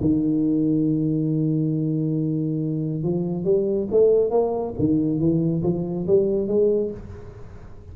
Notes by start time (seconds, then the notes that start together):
0.00 D#3
3.03 F3
3.44 G3
3.91 A3
4.30 A#3
4.78 D#3
5.18 E3
5.62 F3
6.07 G3
6.47 G#3